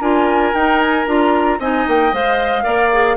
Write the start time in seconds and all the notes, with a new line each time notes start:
0.00 D4 F4 A#4 G#5
0.53 D#4 G5
0.80 G#5
1.06 D4 F4 A#5
1.59 C4 D#4 D#5 G#5
1.87 A#3 G5
2.12 G#3 C5 F5
2.63 A#3 A#4 D5
2.92 G#4